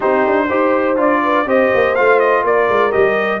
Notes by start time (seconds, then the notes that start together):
0.00 C4 D#4 G4 C5
0.26 D4
0.48 D#4 G4 C5
0.96 D4 F4 D5
1.23 B4
1.45 C4 G4 C5 D#5
1.74 A#3
1.95 A3 F4 F5
2.19 D#5
2.43 A#3 A#4 D5
2.69 G#3
2.91 G3 G4 D#5